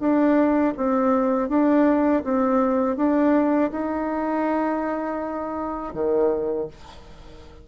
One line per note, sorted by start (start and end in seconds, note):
0.00 0.74 D4
0.77 1.49 C4
1.49 2.23 D4
2.25 2.97 C4
2.97 3.71 D4
3.71 5.94 D#4
5.94 6.68 D#3